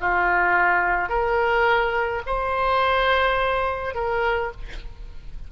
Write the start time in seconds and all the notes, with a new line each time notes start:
0.00 F4
1.09 A#4
2.26 C5
3.94 A#4